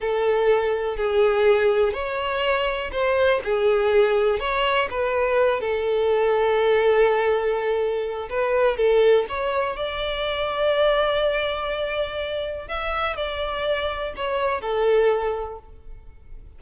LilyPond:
\new Staff \with { instrumentName = "violin" } { \time 4/4 \tempo 4 = 123 a'2 gis'2 | cis''2 c''4 gis'4~ | gis'4 cis''4 b'4. a'8~ | a'1~ |
a'4 b'4 a'4 cis''4 | d''1~ | d''2 e''4 d''4~ | d''4 cis''4 a'2 | }